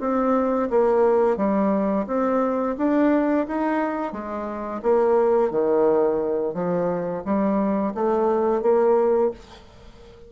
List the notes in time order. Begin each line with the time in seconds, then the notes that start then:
0.00 C4
0.70 A#3
1.37 G3
2.07 C4
2.77 D4
3.47 D#4
4.12 G#3
4.82 A#3
5.51 D#3
6.54 F3
7.24 G3
7.94 A3
8.62 A#3